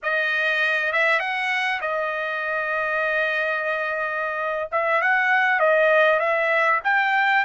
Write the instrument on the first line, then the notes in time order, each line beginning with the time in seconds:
trumpet
0.02 D#5
0.92 E5
1.19 F#5
1.81 D#5
4.71 E5
5.01 F#5
5.59 D#5
6.19 E5
6.84 G5